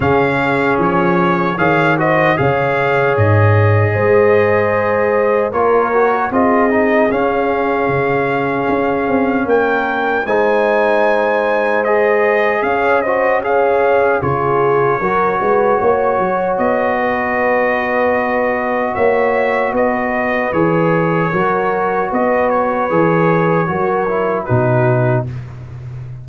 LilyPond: <<
  \new Staff \with { instrumentName = "trumpet" } { \time 4/4 \tempo 4 = 76 f''4 cis''4 f''8 dis''8 f''4 | dis''2. cis''4 | dis''4 f''2. | g''4 gis''2 dis''4 |
f''8 dis''8 f''4 cis''2~ | cis''4 dis''2. | e''4 dis''4 cis''2 | dis''8 cis''2~ cis''8 b'4 | }
  \new Staff \with { instrumentName = "horn" } { \time 4/4 gis'2 cis''8 c''8 cis''4~ | cis''4 c''2 ais'4 | gis'1 | ais'4 c''2. |
cis''8 c''8 cis''4 gis'4 ais'8 b'8 | cis''4. b'2~ b'8 | cis''4 b'2 ais'4 | b'2 ais'4 fis'4 | }
  \new Staff \with { instrumentName = "trombone" } { \time 4/4 cis'2 gis'8 fis'8 gis'4~ | gis'2. f'8 fis'8 | f'8 dis'8 cis'2.~ | cis'4 dis'2 gis'4~ |
gis'8 fis'8 gis'4 f'4 fis'4~ | fis'1~ | fis'2 gis'4 fis'4~ | fis'4 gis'4 fis'8 e'8 dis'4 | }
  \new Staff \with { instrumentName = "tuba" } { \time 4/4 cis4 f4 dis4 cis4 | gis,4 gis2 ais4 | c'4 cis'4 cis4 cis'8 c'8 | ais4 gis2. |
cis'2 cis4 fis8 gis8 | ais8 fis8 b2. | ais4 b4 e4 fis4 | b4 e4 fis4 b,4 | }
>>